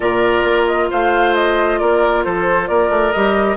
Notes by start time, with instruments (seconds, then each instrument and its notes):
0.00 bassoon A#2, clarinet F4, oboe A#4, flute D5
0.44 bassoon A#3
0.67 flute D#5
0.90 bassoon A3, oboe C5, flute F5
1.35 flute D#5
1.78 bassoon A#3, oboe A#4, flute D5
2.24 bassoon F3, oboe A4, flute C5
2.67 bassoon A#3, oboe A#4, flute D5
2.89 bassoon A3
3.12 bassoon G3, clarinet G4, flute D#5